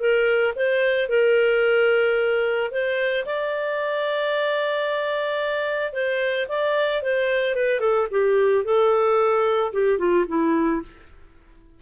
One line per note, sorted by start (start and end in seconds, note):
0.00 0.54 A#4
0.56 1.09 C5
1.09 2.71 A#4
2.71 3.25 C5
3.26 5.93 D5
5.93 6.47 C5
6.48 7.02 D5
7.03 7.56 C5
7.56 7.80 B4
7.80 8.07 A4
8.11 8.65 G4
8.65 9.73 A4
9.73 9.99 G4
9.99 10.26 F4
10.28 10.82 E4